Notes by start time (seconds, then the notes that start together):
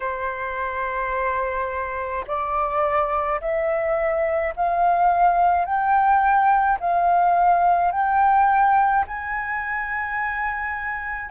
0.00 C5
2.26 D5
3.40 E5
4.55 F5
5.64 G5
6.80 F5
7.91 G5
9.07 G#5